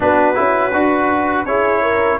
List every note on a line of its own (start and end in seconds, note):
0.00 0.38 B3
0.00 0.34 D4
0.00 1.45 F#4
0.00 1.45 B4
0.34 0.73 C#4
0.34 0.71 E4
0.73 1.45 D4
0.73 1.46 F#4
1.45 2.18 C#4
1.45 2.19 E4
1.45 1.82 G#4
1.45 2.18 C#5
1.82 2.18 A#4